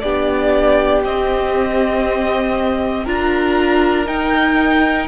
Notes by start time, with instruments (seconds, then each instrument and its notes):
0.00 cello B3, viola D4, violin G4 D5
1.04 viola C4, cello C4, violin D#5
3.05 cello D4, viola F4, violin A#4 A#5
4.06 viola D#4, cello D#4, violin G5